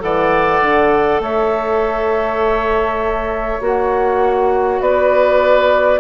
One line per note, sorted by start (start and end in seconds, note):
0.00 0.61 E3
0.00 3.60 A4
0.00 1.23 D5
0.00 1.22 F#5
0.61 1.20 D3
1.20 3.60 A3
1.20 4.82 C#5
1.20 3.62 E5
3.61 4.80 A#3
3.61 6.00 F#4
3.61 4.82 F#5
4.80 6.00 B3
4.80 6.00 B4
4.80 6.00 D5